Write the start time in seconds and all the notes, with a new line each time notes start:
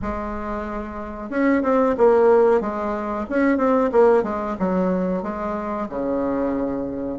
0.02 G#3
1.30 C#4
1.62 C4
1.97 A#3
2.61 G#3
3.29 C#4
3.57 C4
3.92 A#3
4.23 G#3
4.59 F#3
5.23 G#3
5.89 C#3